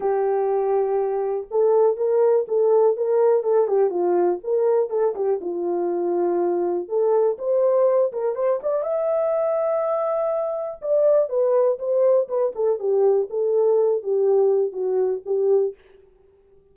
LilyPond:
\new Staff \with { instrumentName = "horn" } { \time 4/4 \tempo 4 = 122 g'2. a'4 | ais'4 a'4 ais'4 a'8 g'8 | f'4 ais'4 a'8 g'8 f'4~ | f'2 a'4 c''4~ |
c''8 ais'8 c''8 d''8 e''2~ | e''2 d''4 b'4 | c''4 b'8 a'8 g'4 a'4~ | a'8 g'4. fis'4 g'4 | }